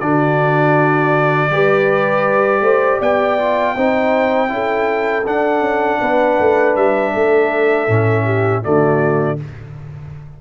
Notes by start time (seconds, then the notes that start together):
0.00 D3 D4 F#4 D5
1.50 G3 G4 B4
2.61 A3 C5
2.99 B3 D5 G5
3.39 F4
3.76 C4 D#4 C5
4.48 C#4 E4 A4
5.26 D4 F#5
5.60 C#4
6.00 B3 B4
6.39 A3
6.76 G3 E5
7.14 A3 A4
7.88 A2 C#4
8.24 G4
8.62 D3 A3 F#4 D5